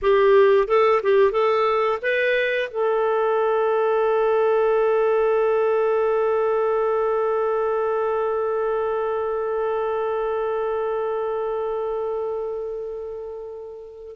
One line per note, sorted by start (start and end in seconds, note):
0.02 0.67 G4
0.67 1.01 A4
1.03 1.31 G4
1.31 1.99 A4
2.01 2.69 B4
2.70 14.16 A4